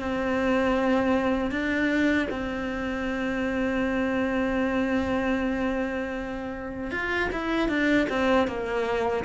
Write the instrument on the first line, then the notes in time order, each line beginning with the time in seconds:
cello
0.00 C4
1.51 D4
2.31 C4
6.91 F4
7.33 E4
7.69 D4
8.10 C4
8.48 A#3